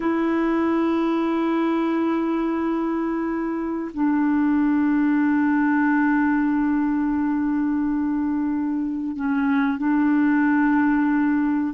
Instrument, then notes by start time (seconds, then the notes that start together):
clarinet
0.00 E4
3.94 D4
9.16 C#4
9.77 D4